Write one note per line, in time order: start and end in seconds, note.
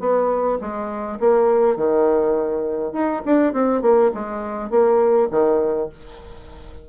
0.00 0.58 B3
0.61 1.19 G#3
1.20 1.77 A#3
1.77 2.93 D#3
2.93 3.22 D#4
3.25 3.53 D4
3.53 3.82 C4
3.82 4.11 A#3
4.14 4.70 G#3
4.70 5.28 A#3
5.31 5.89 D#3